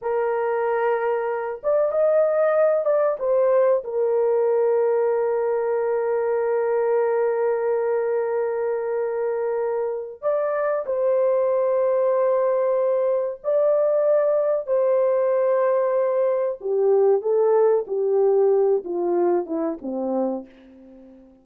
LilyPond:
\new Staff \with { instrumentName = "horn" } { \time 4/4 \tempo 4 = 94 ais'2~ ais'8 d''8 dis''4~ | dis''8 d''8 c''4 ais'2~ | ais'1~ | ais'1 |
d''4 c''2.~ | c''4 d''2 c''4~ | c''2 g'4 a'4 | g'4. f'4 e'8 c'4 | }